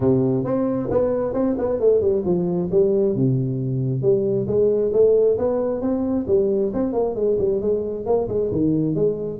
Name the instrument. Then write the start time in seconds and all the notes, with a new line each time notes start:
tuba
0.00 C3
0.44 C4
0.91 B3
1.33 C4
1.58 B3
1.80 A3
2.00 G3
2.25 F3
2.71 G3
3.15 C3
4.02 G3
4.47 G#3
4.93 A3
5.38 B3
5.81 C4
6.27 G3
6.73 C4
6.93 A#3
7.15 G#3
7.38 G3
7.61 G#3
8.05 A#3
8.28 G#3
8.51 D#3
8.95 G#3